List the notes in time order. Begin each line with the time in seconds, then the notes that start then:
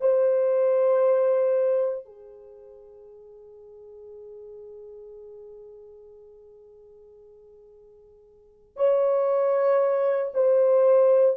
0.00 C5
2.05 G#4
8.76 C#5
10.34 C5